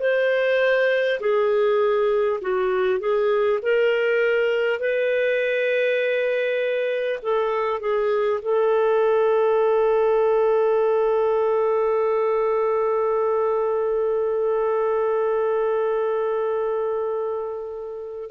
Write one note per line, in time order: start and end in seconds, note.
0.00 1.20 C5
1.20 2.40 G#4
2.41 3.00 F#4
3.00 3.60 G#4
3.63 4.80 A#4
4.80 7.20 B4
7.23 7.81 A4
7.81 8.41 G#4
8.42 18.31 A4